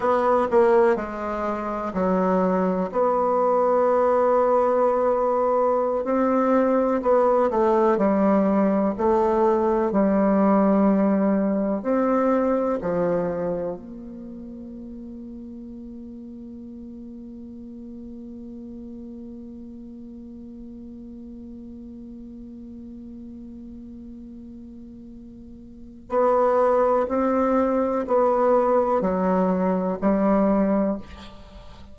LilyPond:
\new Staff \with { instrumentName = "bassoon" } { \time 4/4 \tempo 4 = 62 b8 ais8 gis4 fis4 b4~ | b2~ b16 c'4 b8 a16~ | a16 g4 a4 g4.~ g16~ | g16 c'4 f4 ais4.~ ais16~ |
ais1~ | ais1~ | ais2. b4 | c'4 b4 fis4 g4 | }